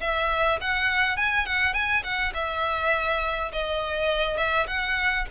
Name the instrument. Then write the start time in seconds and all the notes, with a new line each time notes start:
violin
0.00 E5
0.60 F#5
1.16 G#5
1.45 F#5
1.73 G#5
2.03 F#5
2.34 E5
3.52 D#5
4.37 E5
4.67 F#5